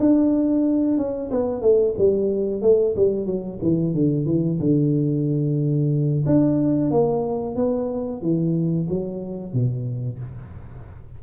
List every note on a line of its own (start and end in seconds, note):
0.00 0.98 D4
0.98 1.31 C#4
1.31 1.62 B3
1.62 1.95 A3
1.98 2.62 G3
2.62 2.95 A3
2.97 3.27 G3
3.27 3.60 F#3
3.63 3.94 E3
3.94 4.26 D3
4.26 4.59 E3
4.60 6.25 D3
6.27 6.91 D4
6.91 7.56 A#3
7.56 8.22 B3
8.22 8.88 E3
8.90 9.54 F#3
9.54 10.20 B2